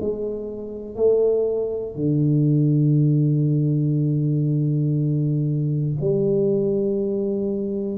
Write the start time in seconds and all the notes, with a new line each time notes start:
0.00 G#3
0.95 A3
1.95 D3
6.00 G3